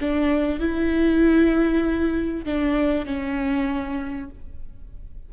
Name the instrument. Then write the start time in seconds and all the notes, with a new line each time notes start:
viola
0.00 D4
0.60 E4
2.45 D4
3.06 C#4